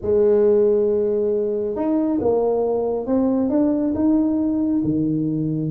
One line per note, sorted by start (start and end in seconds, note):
0.01 1.75 G#3
1.75 2.19 D#4
2.20 3.06 A#3
3.06 3.49 C4
3.49 3.93 D4
3.94 4.82 D#4
4.84 5.71 D#3